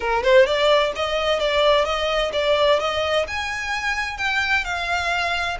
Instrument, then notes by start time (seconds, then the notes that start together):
violin
0.00 A#4
0.23 C5
0.45 D5
0.95 D#5
1.39 D5
1.85 D#5
2.33 D5
2.79 D#5
3.27 G#5
4.17 G5
4.64 F5